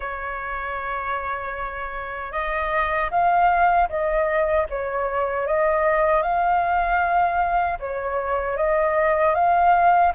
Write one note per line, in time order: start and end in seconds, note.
0.00 2.32 C#5
2.32 3.10 D#5
3.10 3.88 F5
3.89 4.66 D#5
4.69 5.47 C#5
5.47 6.22 D#5
6.22 7.78 F5
7.79 8.56 C#5
8.56 9.34 D#5
9.34 10.12 F5